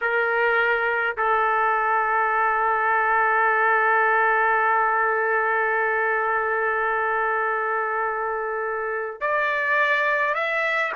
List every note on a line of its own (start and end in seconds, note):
0.01 1.16 A#4
1.17 9.20 A4
9.20 10.34 D5
10.34 10.92 E5